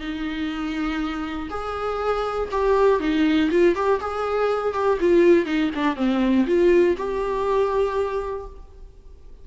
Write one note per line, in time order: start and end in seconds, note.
0.00 1.49 D#4
1.50 2.49 G#4
2.51 3.00 G4
3.00 3.49 D#4
3.51 3.75 F4
3.75 4.00 G4
4.00 4.74 G#4
4.74 4.98 G4
5.00 5.46 F4
5.46 5.70 D#4
5.75 5.96 D4
5.96 6.46 C4
6.47 6.96 F4
6.97 8.46 G4